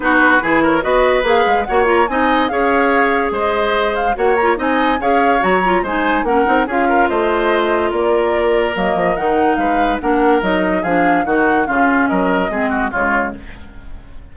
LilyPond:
<<
  \new Staff \with { instrumentName = "flute" } { \time 4/4 \tempo 4 = 144 b'4. cis''8 dis''4 f''4 | fis''8 ais''8 gis''4 f''2 | dis''4. f''8 fis''8 ais''8 gis''4 | f''4 ais''4 gis''4 fis''4 |
f''4 dis''2 d''4~ | d''4 dis''4 fis''4 f''4 | fis''4 dis''4 f''4 fis''4 | f''4 dis''2 cis''4 | }
  \new Staff \with { instrumentName = "oboe" } { \time 4/4 fis'4 gis'8 ais'8 b'2 | cis''4 dis''4 cis''2 | c''2 cis''4 dis''4 | cis''2 c''4 ais'4 |
gis'8 ais'8 c''2 ais'4~ | ais'2. b'4 | ais'2 gis'4 fis'4 | f'4 ais'4 gis'8 fis'8 f'4 | }
  \new Staff \with { instrumentName = "clarinet" } { \time 4/4 dis'4 e'4 fis'4 gis'4 | fis'8 f'8 dis'4 gis'2~ | gis'2 fis'8 f'8 dis'4 | gis'4 fis'8 f'8 dis'4 cis'8 dis'8 |
f'1~ | f'4 ais4 dis'2 | d'4 dis'4 d'4 dis'4 | cis'2 c'4 gis4 | }
  \new Staff \with { instrumentName = "bassoon" } { \time 4/4 b4 e4 b4 ais8 gis8 | ais4 c'4 cis'2 | gis2 ais4 c'4 | cis'4 fis4 gis4 ais8 c'8 |
cis'4 a2 ais4~ | ais4 fis8 f8 dis4 gis4 | ais4 fis4 f4 dis4 | cis4 fis4 gis4 cis4 | }
>>